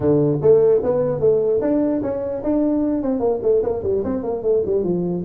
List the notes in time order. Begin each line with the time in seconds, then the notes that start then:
0.00 D3
0.41 A3
0.83 B3
1.20 A3
1.61 D4
2.02 C#4
2.43 D4
3.02 C4
3.19 A#3
3.42 A3
3.62 A#3
3.83 G3
4.03 C4
4.23 A#3
4.42 A3
4.65 G3
4.83 F3